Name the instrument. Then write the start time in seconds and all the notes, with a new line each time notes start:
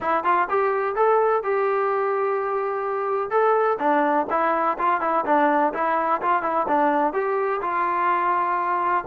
trombone
0.01 E4
0.24 F4
0.49 G4
0.95 A4
1.43 G4
3.30 A4
3.79 D4
4.30 E4
4.78 F4
5.00 E4
5.25 D4
5.73 E4
6.21 F4
6.42 E4
6.68 D4
7.13 G4
7.61 F4